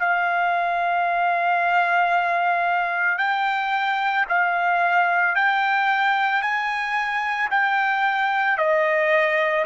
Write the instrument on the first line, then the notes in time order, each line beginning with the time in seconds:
trumpet
0.00 F5
3.19 G5
4.29 F5
5.36 G5
6.42 G#5
7.51 G5
8.58 D#5